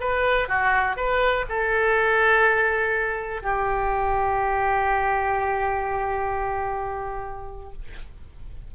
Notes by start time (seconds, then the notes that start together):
0.00 B4
0.48 F#4
0.97 B4
1.49 A4
3.42 G4